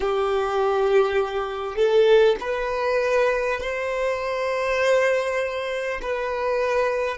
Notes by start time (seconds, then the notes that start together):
0.00 G4
1.76 A4
2.40 B4
3.60 C5
6.02 B4